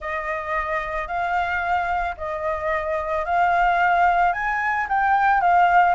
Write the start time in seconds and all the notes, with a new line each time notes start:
0.00 D#5
1.07 F5
2.17 D#5
3.25 F5
4.32 G#5
4.88 G5
5.41 F5